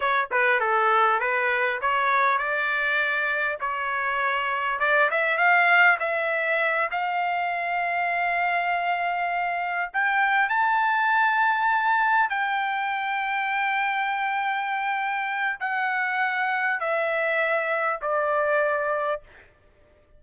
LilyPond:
\new Staff \with { instrumentName = "trumpet" } { \time 4/4 \tempo 4 = 100 cis''8 b'8 a'4 b'4 cis''4 | d''2 cis''2 | d''8 e''8 f''4 e''4. f''8~ | f''1~ |
f''8 g''4 a''2~ a''8~ | a''8 g''2.~ g''8~ | g''2 fis''2 | e''2 d''2 | }